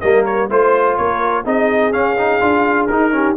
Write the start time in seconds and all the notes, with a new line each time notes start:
0.00 G3 A#3 A#4 D#5
0.25 C#5
0.49 A3 F4 C5
0.96 A#3 A#4 C#5
1.44 C4 D#4 G#4 D#5
1.92 C#4 F5
2.17 D#4
2.40 D4 F4
2.86 D#4 A#4
3.12 C#4 G4